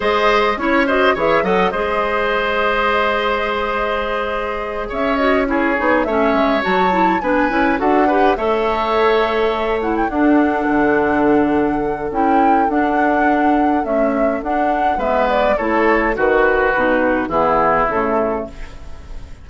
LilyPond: <<
  \new Staff \with { instrumentName = "flute" } { \time 4/4 \tempo 4 = 104 dis''4 cis''8 dis''8 e''8 fis''8 dis''4~ | dis''1~ | dis''8 e''8 dis''8 cis''4 e''4 a''8~ | a''8 gis''4 fis''4 e''4.~ |
e''4 fis''16 g''16 fis''2~ fis''8~ | fis''4 g''4 fis''2 | e''4 fis''4 e''8 d''8 cis''4 | b'2 gis'4 a'4 | }
  \new Staff \with { instrumentName = "oboe" } { \time 4/4 c''4 cis''8 c''8 cis''8 dis''8 c''4~ | c''1~ | c''8 cis''4 gis'4 cis''4.~ | cis''8 b'4 a'8 b'8 cis''4.~ |
cis''4. a'2~ a'8~ | a'1~ | a'2 b'4 a'4 | fis'2 e'2 | }
  \new Staff \with { instrumentName = "clarinet" } { \time 4/4 gis'4 e'8 fis'8 gis'8 a'8 gis'4~ | gis'1~ | gis'4 fis'8 e'8 dis'8 cis'4 fis'8 | e'8 d'8 e'8 fis'8 g'8 a'4.~ |
a'4 e'8 d'2~ d'8~ | d'4 e'4 d'2 | a4 d'4 b4 e'4 | fis'4 dis'4 b4 a4 | }
  \new Staff \with { instrumentName = "bassoon" } { \time 4/4 gis4 cis'4 e8 fis8 gis4~ | gis1~ | gis8 cis'4. b8 a8 gis8 fis8~ | fis8 b8 cis'8 d'4 a4.~ |
a4. d'4 d4.~ | d4 cis'4 d'2 | cis'4 d'4 gis4 a4 | dis4 b,4 e4 cis4 | }
>>